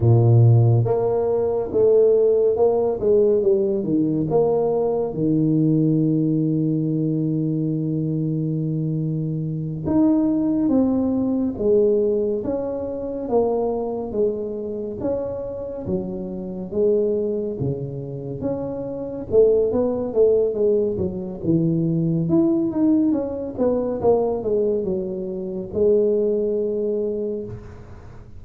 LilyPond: \new Staff \with { instrumentName = "tuba" } { \time 4/4 \tempo 4 = 70 ais,4 ais4 a4 ais8 gis8 | g8 dis8 ais4 dis2~ | dis2.~ dis8 dis'8~ | dis'8 c'4 gis4 cis'4 ais8~ |
ais8 gis4 cis'4 fis4 gis8~ | gis8 cis4 cis'4 a8 b8 a8 | gis8 fis8 e4 e'8 dis'8 cis'8 b8 | ais8 gis8 fis4 gis2 | }